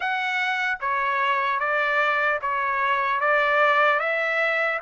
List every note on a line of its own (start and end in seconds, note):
0.00 0.78 F#5
0.80 1.59 C#5
1.59 2.39 D5
2.41 3.20 C#5
3.20 3.99 D5
3.99 4.79 E5